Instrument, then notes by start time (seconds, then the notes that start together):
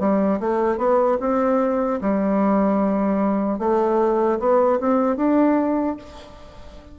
bassoon
0.00 G3
0.41 A3
0.78 B3
1.21 C4
2.01 G3
3.59 A3
4.40 B3
4.80 C4
5.17 D4